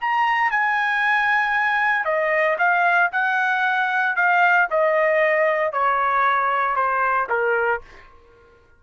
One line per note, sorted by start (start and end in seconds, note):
0.00 0.51 A#5
0.51 2.04 G#5
2.04 2.57 D#5
2.58 3.10 F5
3.12 4.16 F#5
4.16 4.68 F5
4.70 5.72 D#5
5.72 6.76 C#5
6.76 7.28 C5
7.29 7.81 A#4